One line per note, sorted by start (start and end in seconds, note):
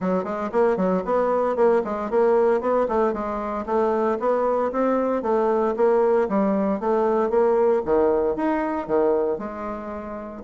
0.00 0.23 F#3
0.23 0.50 G#3
0.51 0.77 A#3
0.77 1.03 F#3
1.04 1.55 B3
1.55 1.81 A#3
1.84 2.10 G#3
2.10 2.60 A#3
2.60 2.86 B3
2.88 3.13 A3
3.13 3.65 G#3
3.65 4.18 A3
4.19 4.71 B3
4.71 5.22 C4
5.22 5.74 A3
5.76 6.28 A#3
6.28 6.80 G3
6.80 7.29 A3
7.29 7.82 A#3
7.85 8.36 D#3
8.36 8.87 D#4
8.87 9.38 D#3
9.38 10.42 G#3